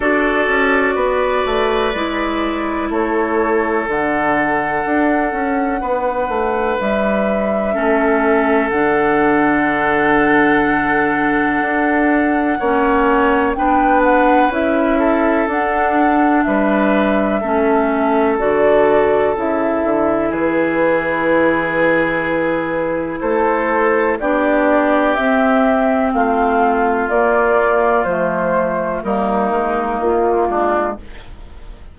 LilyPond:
<<
  \new Staff \with { instrumentName = "flute" } { \time 4/4 \tempo 4 = 62 d''2. cis''4 | fis''2. e''4~ | e''4 fis''2.~ | fis''2 g''8 fis''8 e''4 |
fis''4 e''2 d''4 | e''4 b'2. | c''4 d''4 e''4 f''4 | d''4 c''4 ais'4 f'4 | }
  \new Staff \with { instrumentName = "oboe" } { \time 4/4 a'4 b'2 a'4~ | a'2 b'2 | a'1~ | a'4 cis''4 b'4. a'8~ |
a'4 b'4 a'2~ | a'4 gis'2. | a'4 g'2 f'4~ | f'2 dis'4. d'8 | }
  \new Staff \with { instrumentName = "clarinet" } { \time 4/4 fis'2 e'2 | d'1 | cis'4 d'2.~ | d'4 cis'4 d'4 e'4 |
d'2 cis'4 fis'4 | e'1~ | e'4 d'4 c'2 | ais4 a4 ais2 | }
  \new Staff \with { instrumentName = "bassoon" } { \time 4/4 d'8 cis'8 b8 a8 gis4 a4 | d4 d'8 cis'8 b8 a8 g4 | a4 d2. | d'4 ais4 b4 cis'4 |
d'4 g4 a4 d4 | cis8 d8 e2. | a4 b4 c'4 a4 | ais4 f4 g8 gis8 ais8 gis8 | }
>>